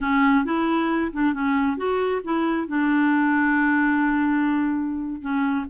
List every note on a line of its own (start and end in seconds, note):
0.01 0.44 C#4
0.44 1.11 E4
1.13 1.33 D4
1.33 1.77 C#4
1.77 2.21 F#4
2.24 2.67 E4
2.67 5.21 D4
5.21 5.65 C#4